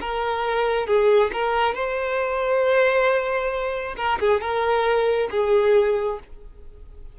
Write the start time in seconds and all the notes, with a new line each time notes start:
0.00 A#4
0.87 G#4
1.32 A#4
1.74 C5
3.96 A#4
4.20 G#4
4.40 A#4
5.31 G#4